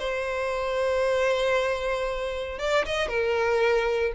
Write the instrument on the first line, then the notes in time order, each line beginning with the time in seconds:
violin
0.00 C5
2.59 D5
2.86 D#5
3.08 A#4